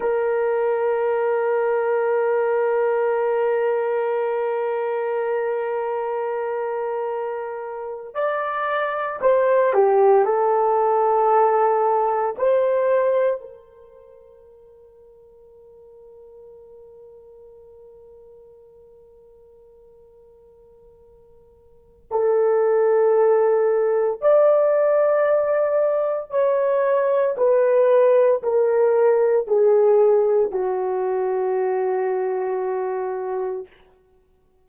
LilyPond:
\new Staff \with { instrumentName = "horn" } { \time 4/4 \tempo 4 = 57 ais'1~ | ais'2.~ ais'8. d''16~ | d''8. c''8 g'8 a'2 c''16~ | c''8. ais'2.~ ais'16~ |
ais'1~ | ais'4 a'2 d''4~ | d''4 cis''4 b'4 ais'4 | gis'4 fis'2. | }